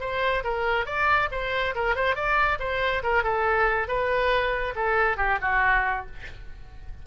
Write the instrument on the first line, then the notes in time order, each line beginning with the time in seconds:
oboe
0.00 C5
0.43 A#4
0.86 D5
1.31 C5
1.75 A#4
1.95 C5
2.15 D5
2.59 C5
3.03 A#4
3.23 A4
3.88 B4
4.75 A4
5.17 G4
5.41 F#4